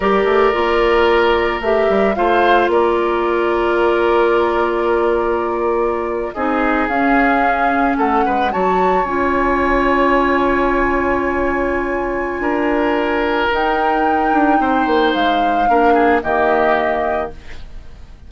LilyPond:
<<
  \new Staff \with { instrumentName = "flute" } { \time 4/4 \tempo 4 = 111 d''2. e''4 | f''4 d''2.~ | d''2.~ d''8. dis''16~ | dis''8. f''2 fis''4 a''16~ |
a''8. gis''2.~ gis''16~ | gis''1~ | gis''4 g''2. | f''2 dis''2 | }
  \new Staff \with { instrumentName = "oboe" } { \time 4/4 ais'1 | c''4 ais'2.~ | ais'2.~ ais'8. gis'16~ | gis'2~ gis'8. a'8 b'8 cis''16~ |
cis''1~ | cis''2. ais'4~ | ais'2. c''4~ | c''4 ais'8 gis'8 g'2 | }
  \new Staff \with { instrumentName = "clarinet" } { \time 4/4 g'4 f'2 g'4 | f'1~ | f'2.~ f'8. dis'16~ | dis'8. cis'2. fis'16~ |
fis'8. f'2.~ f'16~ | f'1~ | f'4 dis'2.~ | dis'4 d'4 ais2 | }
  \new Staff \with { instrumentName = "bassoon" } { \time 4/4 g8 a8 ais2 a8 g8 | a4 ais2.~ | ais2.~ ais8. c'16~ | c'8. cis'2 a8 gis8 fis16~ |
fis8. cis'2.~ cis'16~ | cis'2. d'4~ | d'4 dis'4. d'8 c'8 ais8 | gis4 ais4 dis2 | }
>>